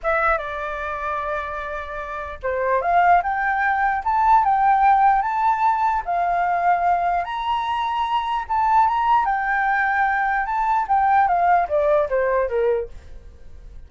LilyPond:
\new Staff \with { instrumentName = "flute" } { \time 4/4 \tempo 4 = 149 e''4 d''2.~ | d''2 c''4 f''4 | g''2 a''4 g''4~ | g''4 a''2 f''4~ |
f''2 ais''2~ | ais''4 a''4 ais''4 g''4~ | g''2 a''4 g''4 | f''4 d''4 c''4 ais'4 | }